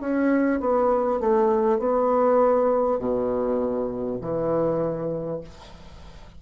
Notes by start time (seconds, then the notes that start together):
0.00 C#4
0.60 B3
1.19 A3
1.78 B3
2.98 B2
4.20 E3